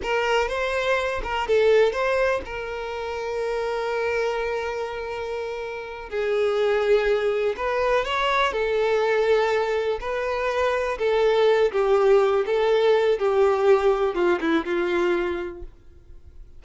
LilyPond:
\new Staff \with { instrumentName = "violin" } { \time 4/4 \tempo 4 = 123 ais'4 c''4. ais'8 a'4 | c''4 ais'2.~ | ais'1~ | ais'8 gis'2. b'8~ |
b'8 cis''4 a'2~ a'8~ | a'8 b'2 a'4. | g'4. a'4. g'4~ | g'4 f'8 e'8 f'2 | }